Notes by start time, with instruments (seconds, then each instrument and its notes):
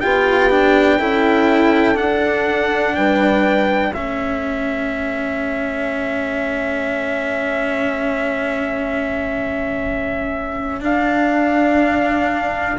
0.00 bassoon B3, cello F4, horn G4, trumpet G5
0.50 cello D4
0.98 bassoon C#4, cello E4, horn A4
1.94 cello D4, bassoon D4, trumpet F#5
2.95 bassoon G3, horn B4, trumpet G5
3.93 bassoon A3, cello C#4, horn A4, trumpet E5
10.80 cello D4, bassoon D4, trumpet F5